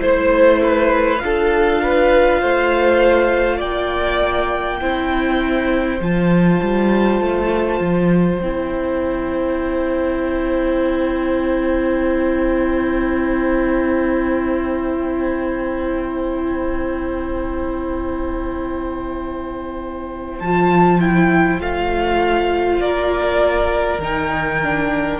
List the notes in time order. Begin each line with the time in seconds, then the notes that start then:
0.00 A3 E4 C5
0.63 B4
1.19 D4 F4 F5
1.25 A4
1.82 B4
2.41 A3 C5
3.57 A#3 D5 G5
4.81 C4 E4 C5
6.00 F3 F4 A5
6.62 G3
7.21 A3
7.79 F3
8.39 C4 E4 G5
20.40 F3 F4 A5
21.00 E4 G5
21.60 A3 F4 F5
22.80 A#3 A#4 D5
23.98 D#3 D#4 G5
24.62 D4